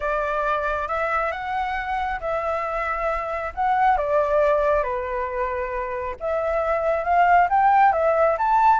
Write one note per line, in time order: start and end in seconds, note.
0.00 0.88 D5
0.88 1.31 E5
1.31 2.19 F#5
2.20 3.52 E5
3.54 3.97 F#5
3.97 4.83 D5
4.83 6.15 B4
6.20 7.04 E5
7.04 7.48 F5
7.49 7.92 G5
7.92 8.36 E5
8.37 8.79 A5